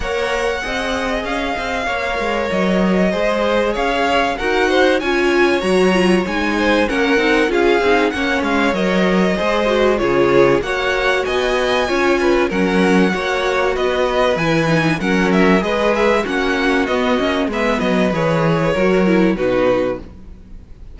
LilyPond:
<<
  \new Staff \with { instrumentName = "violin" } { \time 4/4 \tempo 4 = 96 fis''2 f''2 | dis''2 f''4 fis''4 | gis''4 ais''4 gis''4 fis''4 | f''4 fis''8 f''8 dis''2 |
cis''4 fis''4 gis''2 | fis''2 dis''4 gis''4 | fis''8 e''8 dis''8 e''8 fis''4 dis''4 | e''8 dis''8 cis''2 b'4 | }
  \new Staff \with { instrumentName = "violin" } { \time 4/4 cis''4 dis''2 cis''4~ | cis''4 c''4 cis''4 ais'8 c''8 | cis''2~ cis''8 c''8 ais'4 | gis'4 cis''2 c''4 |
gis'4 cis''4 dis''4 cis''8 b'8 | ais'4 cis''4 b'2 | ais'4 b'4 fis'2 | b'2 ais'4 fis'4 | }
  \new Staff \with { instrumentName = "viola" } { \time 4/4 ais'4 gis'2 ais'4~ | ais'4 gis'2 fis'4 | f'4 fis'8 f'8 dis'4 cis'8 dis'8 | f'8 dis'8 cis'4 ais'4 gis'8 fis'8 |
f'4 fis'2 f'4 | cis'4 fis'2 e'8 dis'8 | cis'4 gis'4 cis'4 b8 cis'8 | b4 gis'4 fis'8 e'8 dis'4 | }
  \new Staff \with { instrumentName = "cello" } { \time 4/4 ais4 c'4 cis'8 c'8 ais8 gis8 | fis4 gis4 cis'4 dis'4 | cis'4 fis4 gis4 ais8 c'8 | cis'8 c'8 ais8 gis8 fis4 gis4 |
cis4 ais4 b4 cis'4 | fis4 ais4 b4 e4 | fis4 gis4 ais4 b8 ais8 | gis8 fis8 e4 fis4 b,4 | }
>>